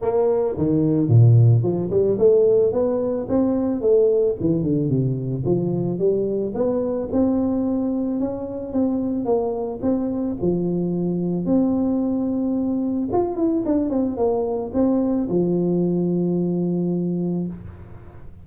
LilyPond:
\new Staff \with { instrumentName = "tuba" } { \time 4/4 \tempo 4 = 110 ais4 dis4 ais,4 f8 g8 | a4 b4 c'4 a4 | e8 d8 c4 f4 g4 | b4 c'2 cis'4 |
c'4 ais4 c'4 f4~ | f4 c'2. | f'8 e'8 d'8 c'8 ais4 c'4 | f1 | }